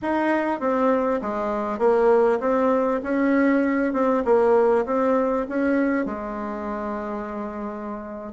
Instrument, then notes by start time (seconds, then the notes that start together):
bassoon
0.02 D#4
0.60 C4
1.21 G#3
1.78 A#3
2.40 C4
3.03 C#4
3.93 C4
4.24 A#3
4.85 C4
5.48 C#4
6.05 G#3